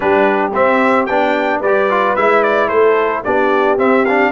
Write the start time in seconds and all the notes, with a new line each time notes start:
0.00 G3 D4 G4 B4
0.53 C4 E5
1.06 B3 D4 G5
1.59 G3 G4 B4 D5
1.90 F4
2.16 G#3 E4 E5
2.42 D5
2.68 A3 A4 C5
3.24 B3 D4 G4 D5
3.77 C4 E5
4.05 D4 F5